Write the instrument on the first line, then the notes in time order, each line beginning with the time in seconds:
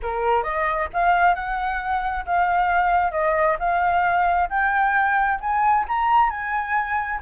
flute
0.02 A#4
0.43 D#5
0.93 F5
1.35 F#5
2.25 F5
3.11 D#5
3.59 F5
4.49 G5
5.40 G#5
5.88 A#5
6.29 G#5